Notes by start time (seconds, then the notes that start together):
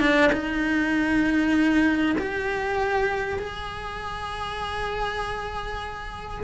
0.00 D4
0.32 D#4
2.18 G4
3.39 G#4